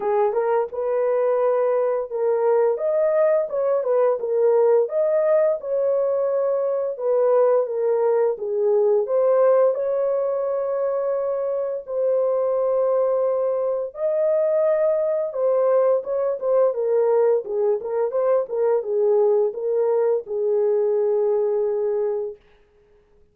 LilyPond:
\new Staff \with { instrumentName = "horn" } { \time 4/4 \tempo 4 = 86 gis'8 ais'8 b'2 ais'4 | dis''4 cis''8 b'8 ais'4 dis''4 | cis''2 b'4 ais'4 | gis'4 c''4 cis''2~ |
cis''4 c''2. | dis''2 c''4 cis''8 c''8 | ais'4 gis'8 ais'8 c''8 ais'8 gis'4 | ais'4 gis'2. | }